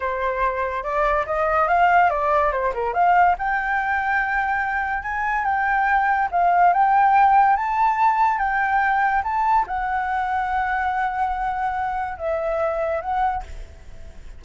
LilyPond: \new Staff \with { instrumentName = "flute" } { \time 4/4 \tempo 4 = 143 c''2 d''4 dis''4 | f''4 d''4 c''8 ais'8 f''4 | g''1 | gis''4 g''2 f''4 |
g''2 a''2 | g''2 a''4 fis''4~ | fis''1~ | fis''4 e''2 fis''4 | }